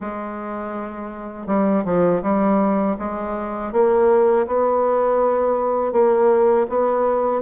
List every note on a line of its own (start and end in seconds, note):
0.00 1.46 G#3
1.46 1.84 G3
1.85 2.22 F3
2.22 2.96 G3
2.98 3.72 G#3
3.72 4.46 A#3
4.46 5.92 B3
5.92 6.66 A#3
6.69 7.41 B3